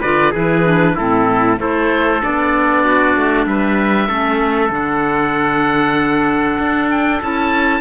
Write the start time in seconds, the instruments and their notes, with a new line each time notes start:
0.00 cello D3, clarinet F4, trumpet B4, oboe D5
0.31 cello E3, clarinet E4, trumpet G#4, oboe B4
0.64 clarinet D4
0.95 cello A2, clarinet C4, trumpet E4, oboe A4
1.58 cello A3, clarinet E4, trumpet A4, oboe C5
2.21 cello B3, clarinet D4, oboe D5
2.84 trumpet F#4
3.15 cello A3
3.46 cello G3, trumpet B4, oboe E5
4.08 cello A3, clarinet C#4, trumpet A4
4.70 cello D3, clarinet D4, oboe F#5
6.58 cello D4
6.90 oboe G5
7.21 cello C#4, clarinet E4, oboe A5